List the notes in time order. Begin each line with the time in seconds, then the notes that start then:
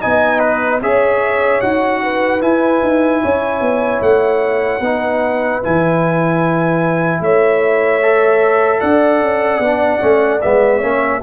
0.00 B3 D#4 D#5 G#5
0.39 B4
0.81 C#4 G#4 C#5 E5
1.61 D#4 F#4 F#5
2.02 B4
2.41 E4 G#5
2.82 D#4
3.22 C#4 C#5
3.61 B3
4.01 A3 F#5
4.79 B3 D#4 B4
5.63 E3 E4 G#5
7.20 A3 C#5 E5
8.02 A4
8.80 D4 D5 F#5
9.21 C#4
9.59 B3 D4
9.99 A3 C#4
10.41 G#3 B3 E5
10.78 A#3 C#4 C#5